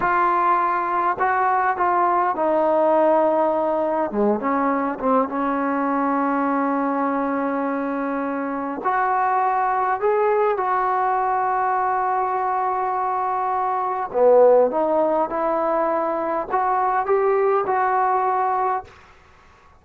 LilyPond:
\new Staff \with { instrumentName = "trombone" } { \time 4/4 \tempo 4 = 102 f'2 fis'4 f'4 | dis'2. gis8 cis'8~ | cis'8 c'8 cis'2.~ | cis'2. fis'4~ |
fis'4 gis'4 fis'2~ | fis'1 | b4 dis'4 e'2 | fis'4 g'4 fis'2 | }